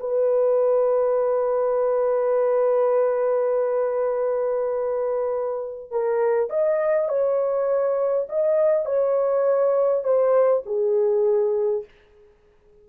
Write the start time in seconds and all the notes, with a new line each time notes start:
0.00 B4
5.91 A#4
6.50 D#5
7.09 C#5
8.29 D#5
8.86 C#5
10.04 C5
10.66 G#4